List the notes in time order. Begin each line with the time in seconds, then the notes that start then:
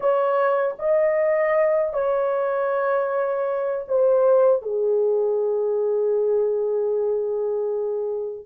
0.00 C#5
0.78 D#5
1.93 C#5
3.87 C5
4.62 G#4